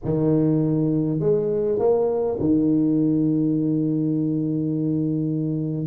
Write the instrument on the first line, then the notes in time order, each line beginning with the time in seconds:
tuba
0.04 D#3
1.19 G#3
1.79 A#3
2.39 D#3